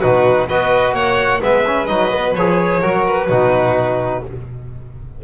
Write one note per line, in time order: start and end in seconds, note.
0.00 0.50 B2
0.00 0.49 D#4
0.00 0.47 F#4
0.00 0.47 B4
0.48 0.93 B3
0.48 1.41 F#4
0.48 0.95 B4
0.48 0.94 D#5
0.93 1.40 A#3
0.93 1.42 C#5
0.93 1.41 F#5
1.41 1.89 G#3
1.41 1.64 B3
1.41 2.80 B4
1.41 1.86 E5
1.66 1.88 C#4
1.86 2.35 F#3
1.86 2.11 D#4
1.86 2.33 D#5
2.12 2.36 B3
2.35 2.82 F3
2.35 2.82 G#4
2.35 3.05 C#5
2.80 3.30 F#3
2.80 3.29 F#4
2.80 3.27 A#4
3.07 4.24 B4
3.28 4.23 B2
3.28 4.24 D#4
3.28 4.21 F#4